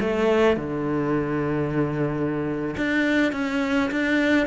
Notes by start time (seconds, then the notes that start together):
0.00 A3
0.57 D3
2.77 D4
3.32 C#4
3.91 D4